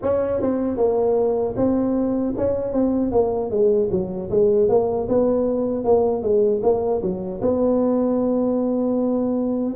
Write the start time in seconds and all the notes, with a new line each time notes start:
0.02 C#4
0.41 C4
0.77 A#3
1.56 C4
2.37 C#4
2.72 C4
3.11 A#3
3.50 G#3
3.91 F#3
4.30 G#3
4.69 A#3
5.08 B3
5.84 A#3
6.22 G#3
6.62 A#3
7.01 F#3
7.41 B3